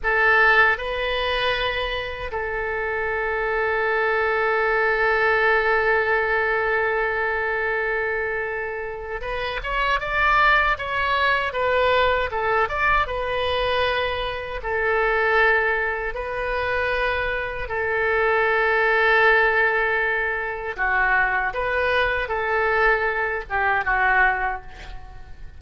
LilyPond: \new Staff \with { instrumentName = "oboe" } { \time 4/4 \tempo 4 = 78 a'4 b'2 a'4~ | a'1~ | a'1 | b'8 cis''8 d''4 cis''4 b'4 |
a'8 d''8 b'2 a'4~ | a'4 b'2 a'4~ | a'2. fis'4 | b'4 a'4. g'8 fis'4 | }